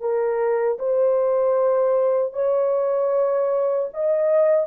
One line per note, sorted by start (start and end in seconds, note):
0.00 0.78 A#4
0.78 2.33 C5
2.33 3.89 C#5
3.93 4.66 D#5